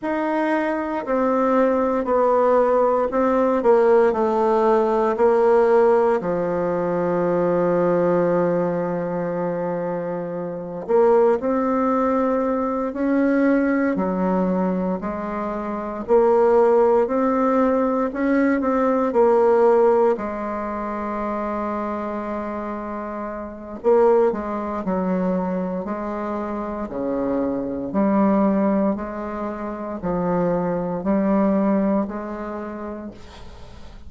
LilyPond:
\new Staff \with { instrumentName = "bassoon" } { \time 4/4 \tempo 4 = 58 dis'4 c'4 b4 c'8 ais8 | a4 ais4 f2~ | f2~ f8 ais8 c'4~ | c'8 cis'4 fis4 gis4 ais8~ |
ais8 c'4 cis'8 c'8 ais4 gis8~ | gis2. ais8 gis8 | fis4 gis4 cis4 g4 | gis4 f4 g4 gis4 | }